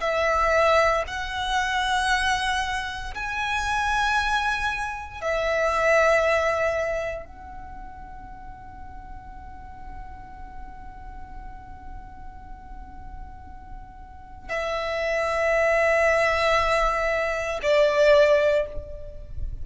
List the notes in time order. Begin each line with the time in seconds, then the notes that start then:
0.00 E5
1.07 F#5
3.14 G#5
5.21 E5
7.25 F#5
14.49 E5
17.62 D5